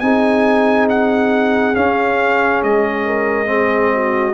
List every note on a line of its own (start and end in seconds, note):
0.00 1.76 C4
0.00 1.75 D#4
0.00 3.05 G#4
0.00 0.87 G#5
0.89 1.76 F#5
1.75 3.46 C#4
1.75 2.63 C#4
1.75 2.62 F5
2.63 4.34 G#3
2.63 4.34 D#5
3.05 3.49 A#4
3.46 4.33 C4
3.46 3.92 G#4
3.94 4.34 F#4